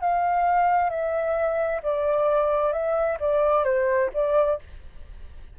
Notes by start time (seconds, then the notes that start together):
0.00 F5
0.90 E5
1.82 D5
2.72 E5
3.19 D5
3.64 C5
4.13 D5